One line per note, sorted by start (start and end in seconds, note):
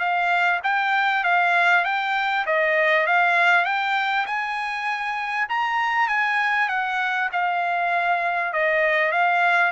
0.00 0.61 F5
0.64 1.25 G5
1.25 1.85 F5
1.85 2.46 G5
2.47 3.07 D#5
3.07 3.66 F5
3.66 4.26 G5
4.26 5.48 G#5
5.49 6.09 A#5
6.09 6.69 G#5
6.69 7.30 F#5
7.33 8.53 F5
8.53 9.12 D#5
9.12 9.72 F5